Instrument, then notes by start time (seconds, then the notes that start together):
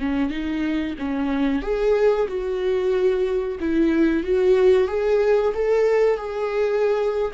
viola
0.00 C#4
0.31 D#4
0.99 C#4
1.62 G#4
2.28 F#4
3.60 E4
4.24 F#4
4.88 G#4
5.54 A4
6.18 G#4